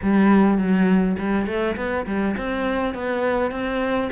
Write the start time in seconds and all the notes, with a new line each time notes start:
0.02 G3
0.57 F#3
1.18 G3
1.46 A3
1.76 B3
2.06 G3
2.37 C4
2.94 B3
3.51 C4